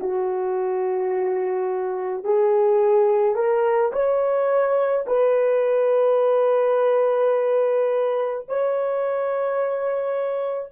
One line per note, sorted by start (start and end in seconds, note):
0.00 2.24 F#4
2.24 3.35 G#4
3.35 3.92 A#4
3.93 5.06 C#5
5.07 8.46 B4
8.48 10.72 C#5